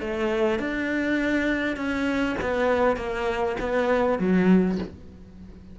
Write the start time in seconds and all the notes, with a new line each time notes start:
0.00 A3
0.59 D4
1.76 C#4
2.41 B3
2.96 A#3
3.60 B3
4.19 F#3